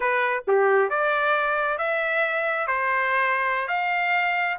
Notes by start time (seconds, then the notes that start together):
0.00 B4
0.47 G4
0.89 D5
1.78 E5
2.67 C5
3.68 F5